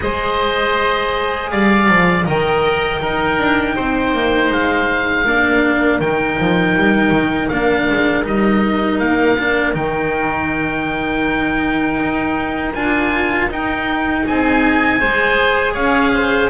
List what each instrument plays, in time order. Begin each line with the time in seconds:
0.00 double bass G#3, cello G#4, oboe C5 D#5
1.50 double bass G3, oboe D5 F5
1.88 double bass F3
2.25 double bass D#3, cello A#4, oboe D#5 G5
3.00 cello D#4, double bass D#4, oboe A#4
3.38 double bass D4
3.75 double bass C4, oboe C5
4.13 double bass A#3
4.50 double bass G#3, oboe F5
5.24 double bass A#3, cello D4, oboe A#4
6.00 double bass D#3, cello D#4, oboe G5
6.38 double bass F3
6.75 double bass G3
7.10 double bass D#3
7.48 double bass A#3, cello D4, oboe F5
7.89 double bass G#3
8.23 double bass G3, cello D#4, oboe D#5
8.99 double bass A#3, oboe F5
9.38 cello D4
9.73 double bass D#3, cello D#4, oboe G5
12.00 double bass D#4
12.74 double bass D4, cello F4, oboe G#5
13.48 double bass D#4, cello D#4, oboe G5
14.27 double bass C4, oboe G#4 G#5
14.99 double bass G#3, cello G#4, oboe C5
15.73 double bass C#4, oboe C#5 F5
16.13 oboe C5